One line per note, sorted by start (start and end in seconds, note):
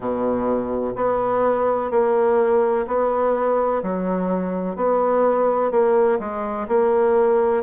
0.00 0.94 B2
0.95 1.90 B3
1.90 2.86 A#3
2.87 3.82 B3
3.82 4.76 F#3
4.76 5.71 B3
5.71 6.18 A#3
6.19 6.67 G#3
6.68 7.63 A#3